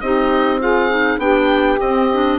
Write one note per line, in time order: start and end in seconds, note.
0.00 1.18 C4
0.00 0.60 D#4
0.00 0.60 G4
0.00 0.60 D#5
0.60 0.89 F4
0.60 1.20 G#4
0.60 1.19 F5
0.89 1.18 D#4
1.18 1.78 B3
1.18 1.78 D4
1.18 2.38 G4
1.18 1.79 G5
1.80 2.38 C4
1.80 2.11 C4
1.80 2.38 D#5
2.12 2.38 D4